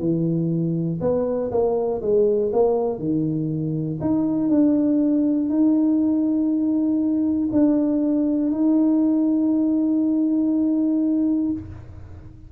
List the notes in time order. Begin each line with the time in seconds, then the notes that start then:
0.00 E3
1.01 B3
1.51 A#3
2.02 G#3
2.53 A#3
2.99 D#3
4.01 D#4
4.50 D4
5.50 D#4
7.52 D4
8.52 D#4